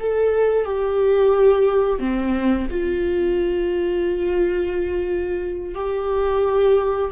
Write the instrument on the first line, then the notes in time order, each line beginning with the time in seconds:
viola
0.00 A4
0.65 G4
1.99 C4
2.71 F4
5.75 G4